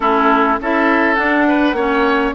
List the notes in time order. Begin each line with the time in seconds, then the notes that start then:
0.00 A3 C#4 E4 A4
0.60 C#4 E4 A4 E5
1.14 D4 F#5
1.48 B4
1.73 A#3 C#4 C#5